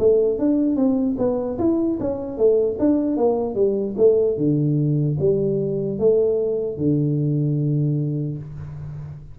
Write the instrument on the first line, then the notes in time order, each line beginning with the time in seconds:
tuba
0.00 A3
0.39 D4
0.77 C4
1.19 B3
1.59 E4
2.01 C#4
2.38 A3
2.80 D4
3.17 A#3
3.55 G3
3.97 A3
4.37 D3
5.20 G3
5.99 A3
6.78 D3